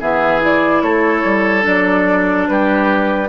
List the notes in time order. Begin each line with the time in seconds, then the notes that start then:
0.00 E3 B3 G#4 E5
0.41 E4 D5
0.82 A3 A4 C#5
1.24 G3
1.61 F#3 D4 D5
2.47 G3 G4 B4